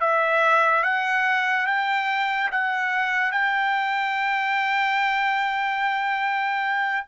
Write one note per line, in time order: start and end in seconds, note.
0.00 0.83 E5
0.83 1.66 F#5
1.67 2.50 G5
2.51 3.32 F#5
3.32 7.07 G5